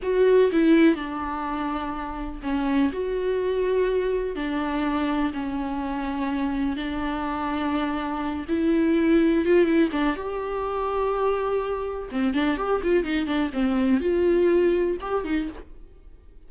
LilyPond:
\new Staff \with { instrumentName = "viola" } { \time 4/4 \tempo 4 = 124 fis'4 e'4 d'2~ | d'4 cis'4 fis'2~ | fis'4 d'2 cis'4~ | cis'2 d'2~ |
d'4. e'2 f'8 | e'8 d'8 g'2.~ | g'4 c'8 d'8 g'8 f'8 dis'8 d'8 | c'4 f'2 g'8 dis'8 | }